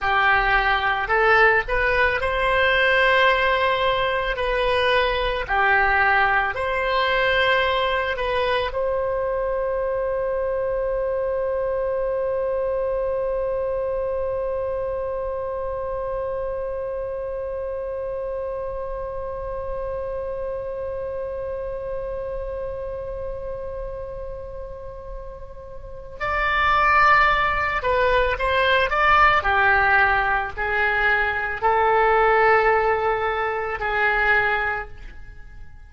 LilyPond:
\new Staff \with { instrumentName = "oboe" } { \time 4/4 \tempo 4 = 55 g'4 a'8 b'8 c''2 | b'4 g'4 c''4. b'8 | c''1~ | c''1~ |
c''1~ | c''1 | d''4. b'8 c''8 d''8 g'4 | gis'4 a'2 gis'4 | }